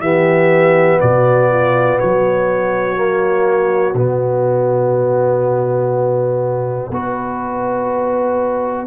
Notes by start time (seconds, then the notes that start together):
0.00 E3 B3 G4 E5
1.00 B2 F#4 D5
1.50 F4
1.99 F#3 F#4 C#5
2.96 A#3
3.94 B2 B3 D5
6.90 B3 F#4 B4